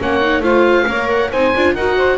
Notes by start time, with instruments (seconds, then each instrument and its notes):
0.00 double bass A#3, viola C#4, saxophone C#5, oboe F#5
0.21 viola D#4
0.40 double bass A3, viola F4, saxophone C5, oboe F5
0.87 double bass A#3, viola A#4, saxophone C#5
1.09 oboe F#5
1.31 double bass C4, viola D#4, saxophone C5, oboe G#5
1.56 double bass D4, viola F4
1.74 double bass D#4, viola F#4, saxophone A#4, oboe F#5
1.97 saxophone C5